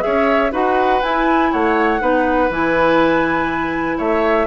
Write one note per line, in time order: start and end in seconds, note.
0.00 0.50 G#4
0.00 0.52 C#5
0.00 0.51 E5
0.06 0.52 C#4
0.52 1.02 D#4
0.52 1.01 F#4
0.52 1.51 B4
0.52 1.02 F#5
1.02 1.52 E4
1.02 2.00 E4
1.02 1.52 G#5
1.52 2.01 A3
1.52 2.01 C#5
1.52 2.51 F#5
2.00 2.49 B3
2.00 2.49 D#4
2.00 3.98 B4
2.49 3.98 E3
2.49 4.47 E4
2.49 3.99 G#5
3.98 4.47 A3
3.98 4.47 C#5
3.98 4.47 E5